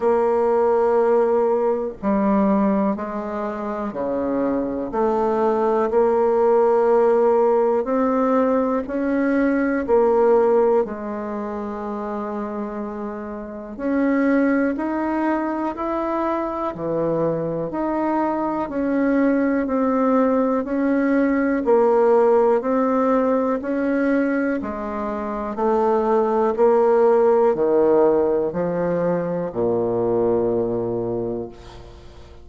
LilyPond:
\new Staff \with { instrumentName = "bassoon" } { \time 4/4 \tempo 4 = 61 ais2 g4 gis4 | cis4 a4 ais2 | c'4 cis'4 ais4 gis4~ | gis2 cis'4 dis'4 |
e'4 e4 dis'4 cis'4 | c'4 cis'4 ais4 c'4 | cis'4 gis4 a4 ais4 | dis4 f4 ais,2 | }